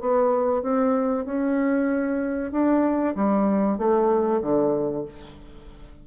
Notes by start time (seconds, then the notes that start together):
0.00 B3
0.62 C4
1.25 C#4
2.51 D4
3.15 G3
3.78 A3
4.42 D3